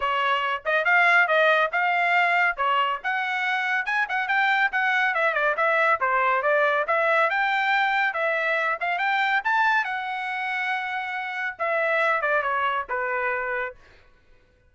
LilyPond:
\new Staff \with { instrumentName = "trumpet" } { \time 4/4 \tempo 4 = 140 cis''4. dis''8 f''4 dis''4 | f''2 cis''4 fis''4~ | fis''4 gis''8 fis''8 g''4 fis''4 | e''8 d''8 e''4 c''4 d''4 |
e''4 g''2 e''4~ | e''8 f''8 g''4 a''4 fis''4~ | fis''2. e''4~ | e''8 d''8 cis''4 b'2 | }